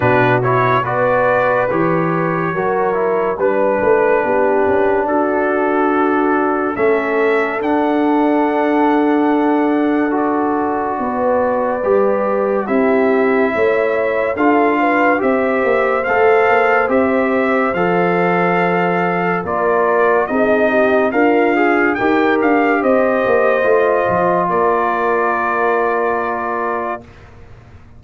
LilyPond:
<<
  \new Staff \with { instrumentName = "trumpet" } { \time 4/4 \tempo 4 = 71 b'8 cis''8 d''4 cis''2 | b'2 a'2 | e''4 fis''2. | d''2. e''4~ |
e''4 f''4 e''4 f''4 | e''4 f''2 d''4 | dis''4 f''4 g''8 f''8 dis''4~ | dis''4 d''2. | }
  \new Staff \with { instrumentName = "horn" } { \time 4/4 fis'4 b'2 ais'4 | b'4 g'4 fis'2 | a'1~ | a'4 b'2 g'4 |
cis''4 a'8 b'8 c''2~ | c''2. ais'4 | gis'8 g'8 f'4 ais'4 c''4~ | c''4 ais'2. | }
  \new Staff \with { instrumentName = "trombone" } { \time 4/4 d'8 e'8 fis'4 g'4 fis'8 e'8 | d'1 | cis'4 d'2. | fis'2 g'4 e'4~ |
e'4 f'4 g'4 a'4 | g'4 a'2 f'4 | dis'4 ais'8 gis'8 g'2 | f'1 | }
  \new Staff \with { instrumentName = "tuba" } { \time 4/4 b,4 b4 e4 fis4 | g8 a8 b8 cis'8 d'2 | a4 d'2.~ | d'4 b4 g4 c'4 |
a4 d'4 c'8 ais8 a8 ais8 | c'4 f2 ais4 | c'4 d'4 dis'8 d'8 c'8 ais8 | a8 f8 ais2. | }
>>